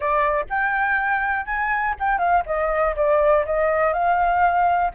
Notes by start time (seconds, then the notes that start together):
0.00 D5
0.49 G5
1.45 G#5
1.99 G5
2.18 F5
2.46 D#5
2.96 D5
3.45 D#5
3.93 F5